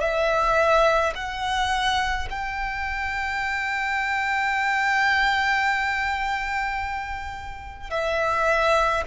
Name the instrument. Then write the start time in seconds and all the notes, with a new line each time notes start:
violin
0.00 E5
1.15 F#5
2.30 G5
7.90 E5